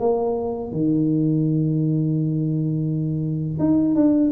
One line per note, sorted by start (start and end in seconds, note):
0.00 0.72 A#3
0.72 3.59 D#3
3.59 3.95 D#4
3.95 4.31 D4